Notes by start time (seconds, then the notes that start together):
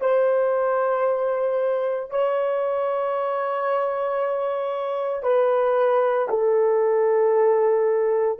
0.00 C5
2.10 C#5
5.22 B4
6.29 A4